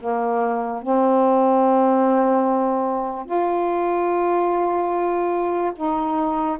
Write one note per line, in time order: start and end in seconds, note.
0.00 0.82 A#3
0.82 3.26 C4
3.26 5.72 F4
5.75 6.58 D#4